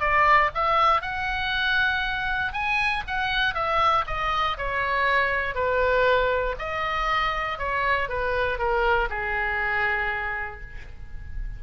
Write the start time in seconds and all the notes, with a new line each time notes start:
0.00 D5
0.54 E5
1.02 F#5
2.53 G#5
3.07 F#5
3.54 E5
4.07 D#5
4.58 C#5
5.55 B4
6.59 D#5
7.58 C#5
8.09 B4
8.59 A#4
9.09 G#4